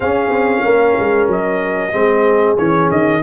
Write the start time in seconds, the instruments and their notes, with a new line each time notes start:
0.00 tuba C#4, trombone C#4, horn G#4, trumpet F5
0.29 tuba C4
0.64 tuba A#3, horn A#4
0.99 tuba G#3
1.27 tuba F#3, trumpet D#5
1.92 tuba G#3, trombone C4, horn G#4
2.57 tuba E3, trombone C#4, trumpet C#5
2.90 tuba D#3, trumpet D#5